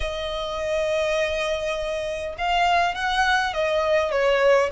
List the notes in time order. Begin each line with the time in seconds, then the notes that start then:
0.00 D#5
2.37 F5
2.94 F#5
3.53 D#5
4.11 C#5